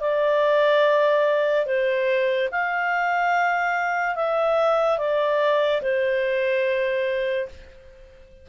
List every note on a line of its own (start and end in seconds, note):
0.00 1.66 D5
1.66 2.49 C5
2.51 4.15 F5
4.15 4.98 E5
4.98 5.81 D5
5.82 7.48 C5